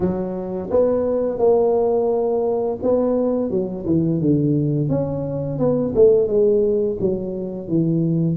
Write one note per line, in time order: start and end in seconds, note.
0.00 0.69 F#3
0.70 1.38 B3
1.38 2.78 A#3
2.82 3.50 B3
3.50 3.85 F#3
3.85 4.20 E3
4.20 4.89 D3
4.89 5.58 C#4
5.58 5.93 B3
5.95 6.27 A3
6.27 6.97 G#3
7.00 7.67 F#3
7.67 8.36 E3